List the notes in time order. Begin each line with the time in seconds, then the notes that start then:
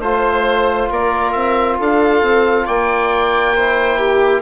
0.00 A3 F4 C5
0.90 A#3 A#4 D5
1.32 C4 E5
1.79 D4 A4 F5
2.22 C4
2.66 A#3 D5 G5
3.56 E4 C5
3.98 G4